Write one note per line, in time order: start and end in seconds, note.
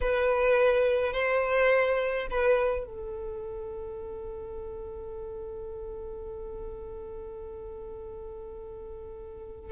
0.01 1.12 B4
1.12 2.27 C5
2.30 2.85 B4
2.85 9.71 A4